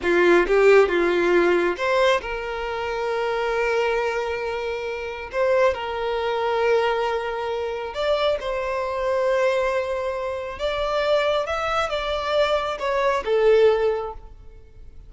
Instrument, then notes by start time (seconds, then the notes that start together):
violin
0.02 F4
0.47 G4
0.88 F4
1.76 C5
2.21 A#4
5.32 C5
5.74 A#4
7.94 D5
8.40 C5
10.58 D5
11.46 E5
11.89 D5
12.79 C#5
13.25 A4